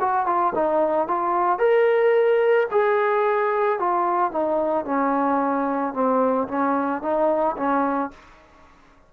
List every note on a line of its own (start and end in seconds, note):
0.00 0.26 F#4
0.26 0.53 F4
0.55 1.08 D#4
1.08 1.59 F4
1.59 2.67 A#4
2.71 3.79 G#4
3.79 4.31 F4
4.31 4.85 D#4
4.85 5.93 C#4
5.93 6.47 C4
6.48 7.02 C#4
7.02 7.56 D#4
7.57 8.11 C#4